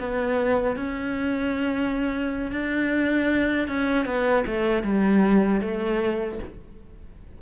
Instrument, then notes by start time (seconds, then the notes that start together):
cello
0.00 B3
0.77 C#4
2.52 D4
3.68 C#4
4.06 B3
4.47 A3
4.83 G3
5.62 A3